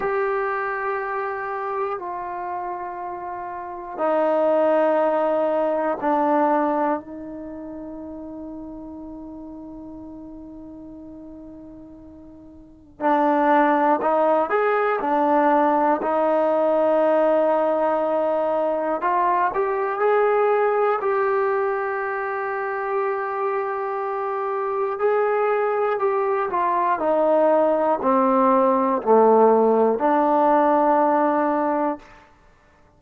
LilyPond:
\new Staff \with { instrumentName = "trombone" } { \time 4/4 \tempo 4 = 60 g'2 f'2 | dis'2 d'4 dis'4~ | dis'1~ | dis'4 d'4 dis'8 gis'8 d'4 |
dis'2. f'8 g'8 | gis'4 g'2.~ | g'4 gis'4 g'8 f'8 dis'4 | c'4 a4 d'2 | }